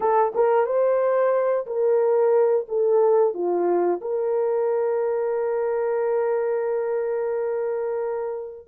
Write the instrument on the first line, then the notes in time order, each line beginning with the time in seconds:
horn
0.00 A4
0.35 A#4
0.65 C5
1.66 A#4
2.68 A4
3.33 F4
4.01 A#4